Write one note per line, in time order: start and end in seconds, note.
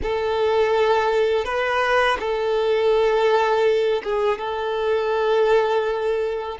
0.02 1.44 A4
1.44 2.18 B4
2.19 4.02 A4
4.03 4.38 G#4
4.38 6.58 A4